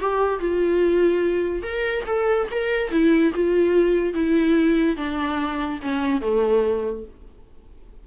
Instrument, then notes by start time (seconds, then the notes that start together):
viola
0.00 G4
0.39 F4
1.62 A#4
2.06 A4
2.51 A#4
2.91 E4
3.34 F4
4.14 E4
4.96 D4
5.82 C#4
6.21 A3